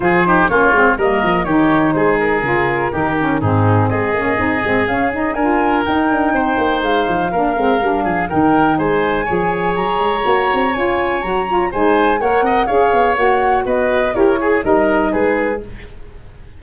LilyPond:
<<
  \new Staff \with { instrumentName = "flute" } { \time 4/4 \tempo 4 = 123 c''4 cis''4 dis''4 cis''4 | c''8 ais'2~ ais'8 gis'4 | dis''2 f''8 dis''8 gis''4 | g''2 f''2~ |
f''4 g''4 gis''2 | ais''2 gis''4 ais''4 | gis''4 fis''4 f''4 fis''4 | dis''4 cis''4 dis''4 b'4 | }
  \new Staff \with { instrumentName = "oboe" } { \time 4/4 gis'8 g'8 f'4 ais'4 g'4 | gis'2 g'4 dis'4 | gis'2. ais'4~ | ais'4 c''2 ais'4~ |
ais'8 gis'8 ais'4 c''4 cis''4~ | cis''1 | c''4 cis''8 dis''8 cis''2 | b'4 ais'8 gis'8 ais'4 gis'4 | }
  \new Staff \with { instrumentName = "saxophone" } { \time 4/4 f'8 dis'8 cis'8 c'8 ais4 dis'4~ | dis'4 f'4 dis'8 cis'8 c'4~ | c'8 cis'8 dis'8 c'8 cis'8 dis'8 f'4 | dis'2. d'8 c'8 |
d'4 dis'2 gis'4~ | gis'4 fis'4 f'4 fis'8 f'8 | dis'4 ais'4 gis'4 fis'4~ | fis'4 g'8 gis'8 dis'2 | }
  \new Staff \with { instrumentName = "tuba" } { \time 4/4 f4 ais8 gis8 g8 f8 dis4 | gis4 cis4 dis4 gis,4 | gis8 ais8 c'8 gis8 cis'4 d'4 | dis'8 d'8 c'8 ais8 gis8 f8 ais8 gis8 |
g8 f8 dis4 gis4 f4 | fis8 gis8 ais8 c'8 cis'4 fis4 | gis4 ais8 c'8 cis'8 b8 ais4 | b4 e'4 g4 gis4 | }
>>